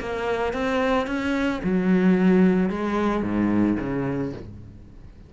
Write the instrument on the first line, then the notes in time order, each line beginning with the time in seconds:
cello
0.00 A#3
0.54 C4
1.07 C#4
1.64 F#3
2.70 G#3
3.23 G#2
3.80 C#3